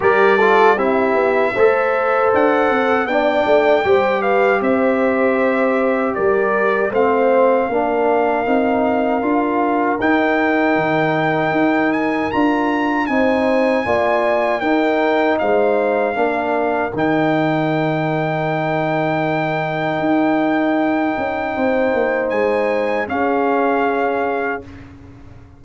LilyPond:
<<
  \new Staff \with { instrumentName = "trumpet" } { \time 4/4 \tempo 4 = 78 d''4 e''2 fis''4 | g''4. f''8 e''2 | d''4 f''2.~ | f''4 g''2~ g''8 gis''8 |
ais''4 gis''2 g''4 | f''2 g''2~ | g''1~ | g''4 gis''4 f''2 | }
  \new Staff \with { instrumentName = "horn" } { \time 4/4 ais'8 a'8 g'4 c''2 | d''4 c''8 b'8 c''2 | ais'4 c''4 ais'2~ | ais'1~ |
ais'4 c''4 d''4 ais'4 | c''4 ais'2.~ | ais'1 | c''2 gis'2 | }
  \new Staff \with { instrumentName = "trombone" } { \time 4/4 g'8 f'8 e'4 a'2 | d'4 g'2.~ | g'4 c'4 d'4 dis'4 | f'4 dis'2. |
f'4 dis'4 f'4 dis'4~ | dis'4 d'4 dis'2~ | dis'1~ | dis'2 cis'2 | }
  \new Staff \with { instrumentName = "tuba" } { \time 4/4 g4 c'8 b8 a4 d'8 c'8 | b8 a8 g4 c'2 | g4 a4 ais4 c'4 | d'4 dis'4 dis4 dis'4 |
d'4 c'4 ais4 dis'4 | gis4 ais4 dis2~ | dis2 dis'4. cis'8 | c'8 ais8 gis4 cis'2 | }
>>